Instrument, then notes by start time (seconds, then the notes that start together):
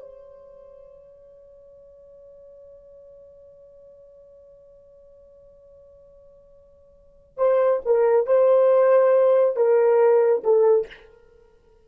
horn
0.00 C#5
7.38 C5
7.86 A#4
8.27 C5
9.56 A#4
10.44 A4